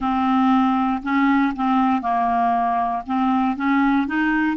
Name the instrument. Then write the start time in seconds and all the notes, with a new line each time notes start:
clarinet
0.00 C4
1.02 C#4
1.55 C4
2.01 A#3
3.06 C4
3.56 C#4
4.07 D#4